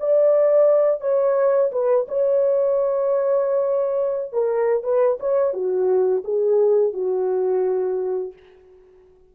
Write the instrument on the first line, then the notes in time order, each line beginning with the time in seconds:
horn
0.00 D5
1.01 C#5
1.72 B4
2.08 C#5
4.33 A#4
4.84 B4
5.20 C#5
5.54 F#4
6.24 G#4
6.94 F#4